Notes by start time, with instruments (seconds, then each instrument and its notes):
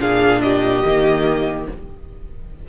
0.00 cello A#2, viola D4, violin G#4 F5
0.42 violin G4 D#5
0.84 cello D#3, viola A#3